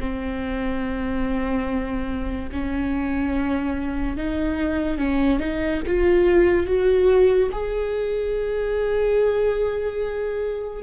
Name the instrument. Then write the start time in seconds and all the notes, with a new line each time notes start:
viola
0.00 C4
2.52 C#4
4.17 D#4
4.98 C#4
5.39 D#4
5.86 F4
6.67 F#4
7.52 G#4